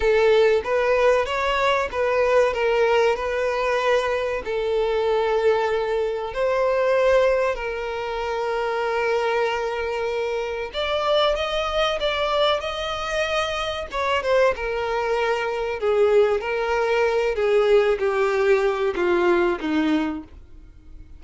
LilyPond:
\new Staff \with { instrumentName = "violin" } { \time 4/4 \tempo 4 = 95 a'4 b'4 cis''4 b'4 | ais'4 b'2 a'4~ | a'2 c''2 | ais'1~ |
ais'4 d''4 dis''4 d''4 | dis''2 cis''8 c''8 ais'4~ | ais'4 gis'4 ais'4. gis'8~ | gis'8 g'4. f'4 dis'4 | }